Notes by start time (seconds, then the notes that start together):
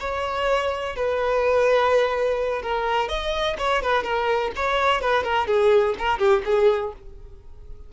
0.00 C#5
0.96 B4
2.63 A#4
3.09 D#5
3.59 C#5
3.82 B4
4.04 A#4
4.56 C#5
5.01 B4
5.24 A#4
5.47 G#4
5.99 A#4
6.19 G4
6.45 G#4